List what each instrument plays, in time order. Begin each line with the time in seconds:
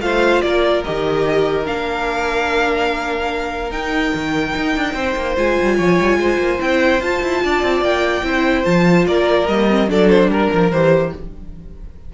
0.00 cello A3, viola F4, violin C5 F5
0.41 cello A#3, violin A#4 D5
0.84 cello D#3, viola G4, violin D#5
1.65 cello A#3, viola D4, violin F5
3.70 cello D#4, viola D#4, violin G5
4.14 cello D#3
4.56 cello D#4
4.76 cello D4
4.94 cello C4, violin C5
5.16 cello A#3
5.36 cello G#3, viola F4, violin G#5
5.62 cello G3
5.77 cello F3, violin C#5
6.00 cello G3
6.17 cello G#3, violin C5
6.38 cello A#3
6.59 cello C4, viola E4, violin G5
7.00 cello F4, viola F4, violin A5
7.22 cello E4
7.43 cello D4, violin D5
7.62 cello C4
7.81 cello A#3, violin G5
8.23 cello C4, viola E4, violin C5
8.64 cello F3, viola F4, violin A5
9.07 cello A#3, violin A#4 D5
9.47 cello G3, viola A#3, violin D#5
9.70 viola C4
9.87 cello F#3, viola D4, violin A4 D5
10.09 violin C5
10.28 cello G3, violin A#4
10.53 cello F3
10.71 cello E3, viola G4, violin C5